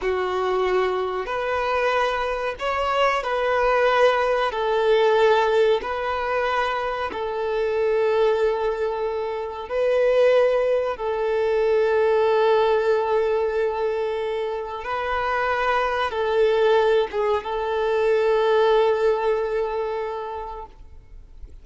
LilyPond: \new Staff \with { instrumentName = "violin" } { \time 4/4 \tempo 4 = 93 fis'2 b'2 | cis''4 b'2 a'4~ | a'4 b'2 a'4~ | a'2. b'4~ |
b'4 a'2.~ | a'2. b'4~ | b'4 a'4. gis'8 a'4~ | a'1 | }